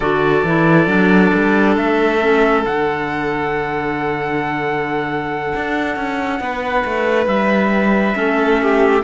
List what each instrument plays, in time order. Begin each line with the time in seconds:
0.00 cello D3, clarinet F#4, violin A4, trumpet D5
0.43 cello E3, clarinet E4
0.86 cello F#3, clarinet D4
1.34 cello G3
1.77 cello A3, trumpet E5
2.21 clarinet C#4
2.65 cello D3, clarinet D4, trumpet F#5
5.55 cello D4
5.96 cello C#4
6.40 cello B3, violin B4
6.85 cello A3
7.26 cello G3, trumpet E5
8.14 cello A3, clarinet C#4, violin A4
8.62 violin G4